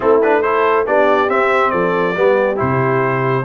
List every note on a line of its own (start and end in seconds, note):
0.00 0.87 A3
0.00 0.22 C4
0.00 0.41 E4
0.00 0.20 A4
0.22 0.43 D4
0.22 0.42 B4
0.42 0.86 E4
0.42 0.86 A4
0.42 0.85 C5
0.86 1.29 B3
0.86 1.28 D4
0.86 1.72 G4
0.86 1.29 D5
1.28 2.14 C4
1.28 1.72 C4
1.28 1.70 E5
1.70 2.16 F3
1.70 2.15 A4
1.70 2.56 D5
2.16 2.59 G3
2.16 2.56 B3
2.16 3.44 G4
2.56 3.44 C3
2.56 3.42 E4
2.56 3.44 C5